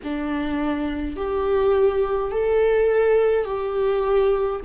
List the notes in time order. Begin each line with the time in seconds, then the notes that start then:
0.03 D4
1.16 G4
2.31 A4
3.45 G4